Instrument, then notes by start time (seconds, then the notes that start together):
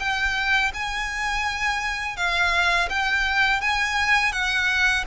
violin
0.00 G5
0.74 G#5
2.17 F5
2.90 G5
3.61 G#5
4.33 F#5